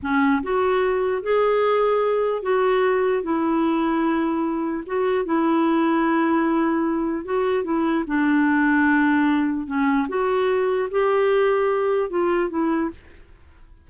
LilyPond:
\new Staff \with { instrumentName = "clarinet" } { \time 4/4 \tempo 4 = 149 cis'4 fis'2 gis'4~ | gis'2 fis'2 | e'1 | fis'4 e'2.~ |
e'2 fis'4 e'4 | d'1 | cis'4 fis'2 g'4~ | g'2 f'4 e'4 | }